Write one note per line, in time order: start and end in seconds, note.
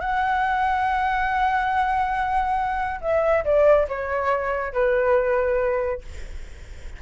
0.00 3.00 F#5
3.01 3.44 E5
3.45 3.87 D5
3.88 4.73 C#5
4.73 6.02 B4